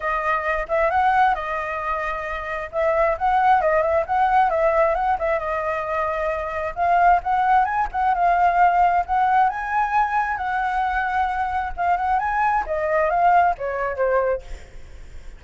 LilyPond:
\new Staff \with { instrumentName = "flute" } { \time 4/4 \tempo 4 = 133 dis''4. e''8 fis''4 dis''4~ | dis''2 e''4 fis''4 | dis''8 e''8 fis''4 e''4 fis''8 e''8 | dis''2. f''4 |
fis''4 gis''8 fis''8 f''2 | fis''4 gis''2 fis''4~ | fis''2 f''8 fis''8 gis''4 | dis''4 f''4 cis''4 c''4 | }